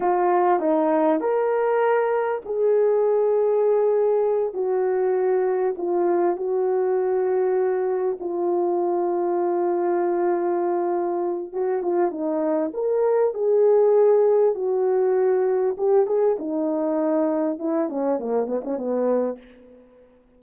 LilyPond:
\new Staff \with { instrumentName = "horn" } { \time 4/4 \tempo 4 = 99 f'4 dis'4 ais'2 | gis'2.~ gis'8 fis'8~ | fis'4. f'4 fis'4.~ | fis'4. f'2~ f'8~ |
f'2. fis'8 f'8 | dis'4 ais'4 gis'2 | fis'2 g'8 gis'8 dis'4~ | dis'4 e'8 cis'8 ais8 b16 cis'16 b4 | }